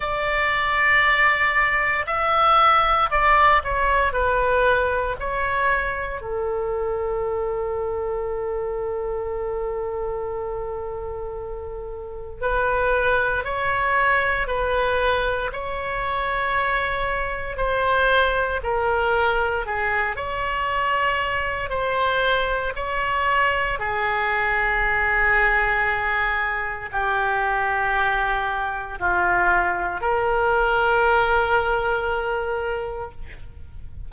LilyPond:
\new Staff \with { instrumentName = "oboe" } { \time 4/4 \tempo 4 = 58 d''2 e''4 d''8 cis''8 | b'4 cis''4 a'2~ | a'1 | b'4 cis''4 b'4 cis''4~ |
cis''4 c''4 ais'4 gis'8 cis''8~ | cis''4 c''4 cis''4 gis'4~ | gis'2 g'2 | f'4 ais'2. | }